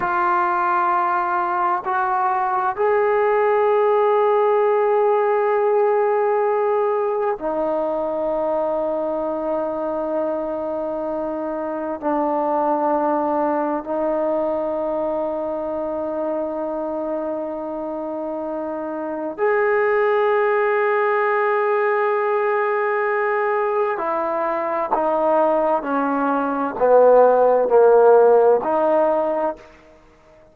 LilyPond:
\new Staff \with { instrumentName = "trombone" } { \time 4/4 \tempo 4 = 65 f'2 fis'4 gis'4~ | gis'1 | dis'1~ | dis'4 d'2 dis'4~ |
dis'1~ | dis'4 gis'2.~ | gis'2 e'4 dis'4 | cis'4 b4 ais4 dis'4 | }